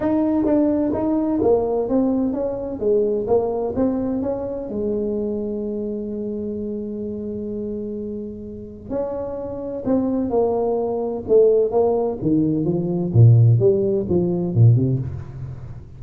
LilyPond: \new Staff \with { instrumentName = "tuba" } { \time 4/4 \tempo 4 = 128 dis'4 d'4 dis'4 ais4 | c'4 cis'4 gis4 ais4 | c'4 cis'4 gis2~ | gis1~ |
gis2. cis'4~ | cis'4 c'4 ais2 | a4 ais4 dis4 f4 | ais,4 g4 f4 ais,8 c8 | }